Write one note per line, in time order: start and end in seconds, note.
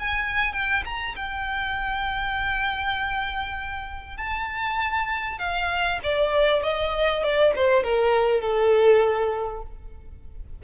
0.00 0.54 G#5
0.54 0.84 G5
0.85 1.16 A#5
1.17 4.18 G5
4.18 5.39 A5
5.39 6.00 F5
6.04 6.63 D5
6.63 7.24 D#5
7.24 7.54 D5
7.56 7.84 C5
7.84 8.42 A#4
8.42 9.63 A4